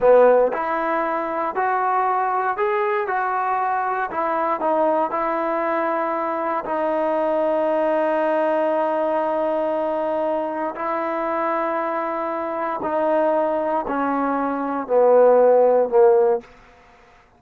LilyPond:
\new Staff \with { instrumentName = "trombone" } { \time 4/4 \tempo 4 = 117 b4 e'2 fis'4~ | fis'4 gis'4 fis'2 | e'4 dis'4 e'2~ | e'4 dis'2.~ |
dis'1~ | dis'4 e'2.~ | e'4 dis'2 cis'4~ | cis'4 b2 ais4 | }